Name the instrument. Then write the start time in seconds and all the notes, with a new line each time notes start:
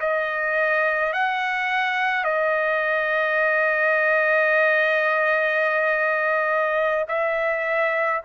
trumpet
0.00 D#5
1.13 F#5
2.24 D#5
7.08 E5